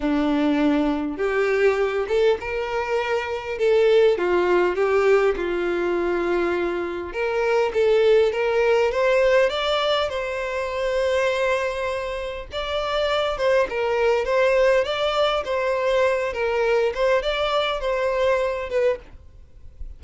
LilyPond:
\new Staff \with { instrumentName = "violin" } { \time 4/4 \tempo 4 = 101 d'2 g'4. a'8 | ais'2 a'4 f'4 | g'4 f'2. | ais'4 a'4 ais'4 c''4 |
d''4 c''2.~ | c''4 d''4. c''8 ais'4 | c''4 d''4 c''4. ais'8~ | ais'8 c''8 d''4 c''4. b'8 | }